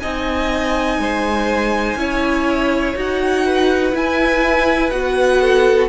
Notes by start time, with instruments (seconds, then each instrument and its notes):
0.00 cello C4, viola D#4, violin D#5 G#5
0.98 cello G#3, violin C5
1.96 cello C#4, viola E4, violin C#5
2.95 cello D#4, viola F#4, violin F#5
3.45 violin B4
3.92 viola E4, cello E4, violin G#5
4.90 cello B3, viola F#4, violin F#5
5.41 violin A4